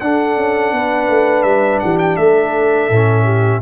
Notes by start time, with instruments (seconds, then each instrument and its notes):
0.00 tuba D4, trombone D4, horn A4, trumpet F#5
0.36 tuba C#4
0.72 tuba B3, horn B4
1.08 tuba A3
1.43 tuba G3, trumpet E5
1.80 tuba E3, horn G4, trumpet F#5
1.98 trumpet G5
2.16 tuba A3, horn A4, trumpet E5
2.90 tuba A2, trombone C#4
3.24 horn G4